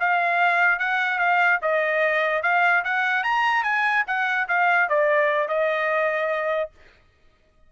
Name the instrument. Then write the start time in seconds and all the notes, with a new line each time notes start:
trumpet
0.00 F5
0.79 F#5
1.19 F5
1.62 D#5
2.42 F5
2.84 F#5
3.23 A#5
3.63 G#5
4.07 F#5
4.48 F5
4.89 D5
5.48 D#5